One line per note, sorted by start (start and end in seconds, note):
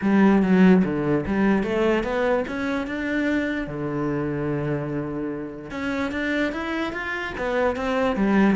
0.01 0.42 G3
0.42 0.83 F#3
0.84 1.25 D3
1.26 1.63 G3
1.63 2.03 A3
2.03 2.44 B3
2.47 2.87 C#4
2.87 3.67 D4
3.67 5.71 D3
5.71 6.11 C#4
6.11 6.52 D4
6.52 6.92 E4
6.92 7.33 F4
7.37 7.76 B3
7.76 8.16 C4
8.16 8.55 G3